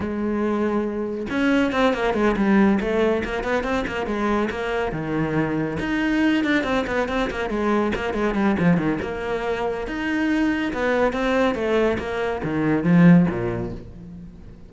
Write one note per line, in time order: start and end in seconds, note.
0.00 1.26 G#3
1.30 1.72 C#4
1.72 1.93 C4
1.93 2.14 A#3
2.14 2.35 G#3
2.36 2.79 G3
2.80 3.23 A3
3.24 3.43 A#3
3.43 3.63 B3
3.63 3.85 C4
3.87 4.06 A#3
4.06 4.49 G#3
4.50 4.91 A#3
4.91 5.77 D#3
5.79 6.43 D#4
6.43 6.63 D4
6.63 6.85 C4
6.86 7.08 B3
7.08 7.30 C4
7.30 7.49 A#3
7.49 7.92 G#3
7.95 8.13 A#3
8.13 8.34 G#3
8.34 8.56 G3
8.59 8.77 F3
8.77 8.98 D#3
9.02 9.87 A#3
9.87 10.73 D#4
10.73 11.13 B3
11.13 11.54 C4
11.54 11.97 A3
11.98 12.41 A#3
12.43 12.83 D#3
12.83 13.26 F3
13.29 13.72 A#2